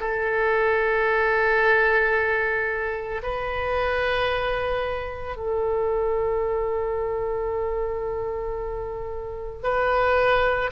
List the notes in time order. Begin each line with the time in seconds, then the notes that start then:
0.00 A4
3.23 B4
5.36 A4
9.63 B4